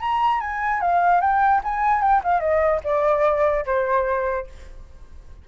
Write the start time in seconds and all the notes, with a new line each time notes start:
0.00 A#5
0.40 G#5
0.81 F5
1.21 G5
1.63 G#5
2.02 G5
2.24 F5
2.40 D#5
2.84 D5
3.66 C5